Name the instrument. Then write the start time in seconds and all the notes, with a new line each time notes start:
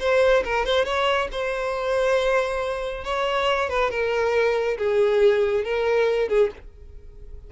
violin
0.00 C5
0.45 A#4
0.66 C5
0.85 C#5
1.32 C5
3.05 C#5
3.70 B4
3.91 A#4
4.78 G#4
5.64 A#4
6.29 G#4